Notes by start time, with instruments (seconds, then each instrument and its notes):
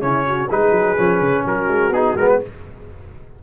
0.00 tuba C#3, trombone C#4, horn E4, trumpet C#5
0.27 horn F#4
0.48 tuba G#3, trombone D#4, horn G#4, trumpet B4
0.70 tuba F#3
0.97 tuba F3, trombone C#4
1.20 tuba C#3
1.45 tuba F#3, horn F#4, trumpet A#4
1.67 tuba G#3
1.89 tuba B3, trombone D#4, trumpet G#4
2.15 tuba G#3, trombone B3, trumpet A#4
2.28 trumpet B4